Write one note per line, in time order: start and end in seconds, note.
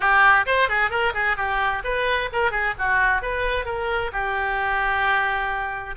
0.00 0.45 G4
0.46 0.68 C5
0.68 0.90 G#4
0.90 1.13 A#4
1.14 1.37 G#4
1.37 1.82 G4
1.83 2.29 B4
2.32 2.51 A#4
2.51 2.74 G#4
2.78 3.22 F#4
3.22 3.65 B4
3.65 4.11 A#4
4.12 5.95 G4